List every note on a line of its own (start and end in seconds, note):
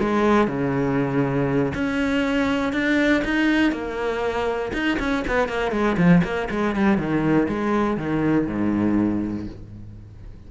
0.00 0.48 G#3
0.48 1.73 C#3
1.75 2.73 C#4
2.73 3.23 D4
3.25 3.72 D#4
3.72 4.72 A#3
4.74 4.99 D#4
5.00 5.25 C#4
5.28 5.49 B3
5.49 5.72 A#3
5.72 5.97 G#3
5.98 6.23 F3
6.24 6.49 A#3
6.51 6.76 G#3
6.76 6.98 G3
6.98 7.48 D#3
7.49 7.97 G#3
7.97 8.47 D#3
8.47 9.47 G#2